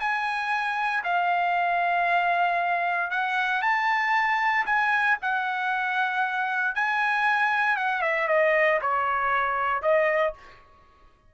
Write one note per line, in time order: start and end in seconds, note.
0.00 1.03 G#5
1.04 3.11 F5
3.11 3.62 F#5
3.62 4.65 A5
4.66 5.17 G#5
5.21 6.75 F#5
6.75 7.77 G#5
7.77 8.02 F#5
8.02 8.28 E5
8.28 8.80 D#5
8.81 9.82 C#5
9.82 10.34 D#5